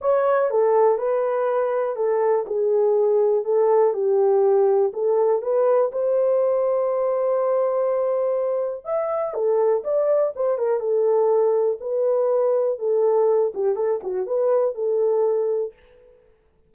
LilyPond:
\new Staff \with { instrumentName = "horn" } { \time 4/4 \tempo 4 = 122 cis''4 a'4 b'2 | a'4 gis'2 a'4 | g'2 a'4 b'4 | c''1~ |
c''2 e''4 a'4 | d''4 c''8 ais'8 a'2 | b'2 a'4. g'8 | a'8 fis'8 b'4 a'2 | }